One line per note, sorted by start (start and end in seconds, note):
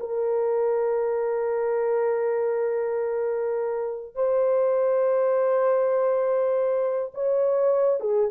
0.00 4.15 A#4
4.15 7.12 C5
7.14 8.00 C#5
8.00 8.30 G#4